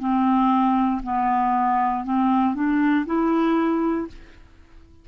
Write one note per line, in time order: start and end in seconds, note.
0.00 1.02 C4
1.04 2.05 B3
2.05 2.55 C4
2.55 3.06 D4
3.06 4.08 E4